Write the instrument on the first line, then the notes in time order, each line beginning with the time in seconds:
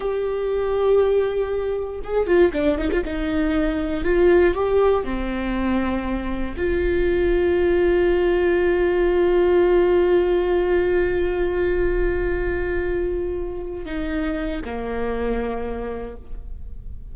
viola
0.00 G4
2.03 G#4
2.26 F4
2.52 D4
2.78 D#4
2.91 F4
3.04 D#4
4.04 F4
4.54 G4
5.04 C4
6.57 F4
13.85 D#4
14.64 A#3